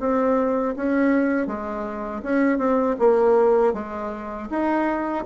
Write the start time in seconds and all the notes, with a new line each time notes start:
0.00 C4
0.76 C#4
1.47 G#3
2.23 C#4
2.59 C4
2.99 A#3
3.74 G#3
4.50 D#4